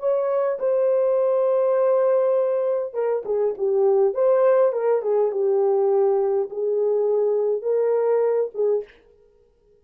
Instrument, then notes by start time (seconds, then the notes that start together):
horn
0.00 C#5
0.60 C5
2.94 A#4
3.26 G#4
3.58 G4
4.14 C5
4.73 A#4
5.02 G#4
5.32 G4
6.51 G#4
7.63 A#4
8.55 G#4